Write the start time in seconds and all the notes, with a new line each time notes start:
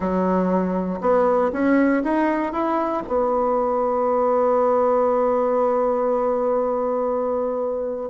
0.00 F#3
1.00 B3
1.52 C#4
2.03 D#4
2.52 E4
3.07 B3